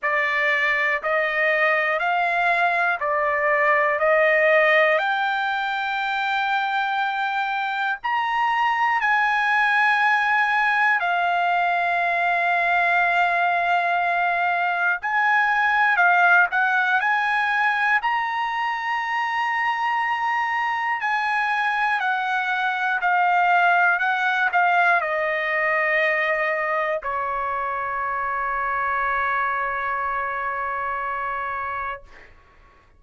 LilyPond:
\new Staff \with { instrumentName = "trumpet" } { \time 4/4 \tempo 4 = 60 d''4 dis''4 f''4 d''4 | dis''4 g''2. | ais''4 gis''2 f''4~ | f''2. gis''4 |
f''8 fis''8 gis''4 ais''2~ | ais''4 gis''4 fis''4 f''4 | fis''8 f''8 dis''2 cis''4~ | cis''1 | }